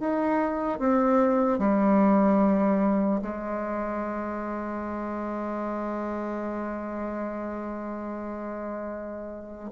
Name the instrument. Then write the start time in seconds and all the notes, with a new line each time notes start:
bassoon
0.00 D#4
0.79 C4
1.58 G3
3.22 G#3